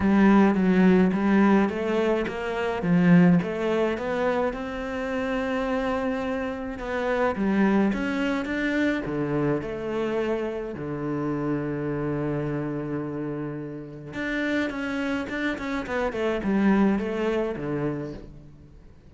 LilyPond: \new Staff \with { instrumentName = "cello" } { \time 4/4 \tempo 4 = 106 g4 fis4 g4 a4 | ais4 f4 a4 b4 | c'1 | b4 g4 cis'4 d'4 |
d4 a2 d4~ | d1~ | d4 d'4 cis'4 d'8 cis'8 | b8 a8 g4 a4 d4 | }